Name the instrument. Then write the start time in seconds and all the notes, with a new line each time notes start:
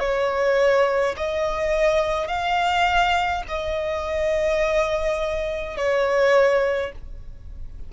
violin
0.00 C#5
1.17 D#5
2.28 F5
3.48 D#5
5.77 C#5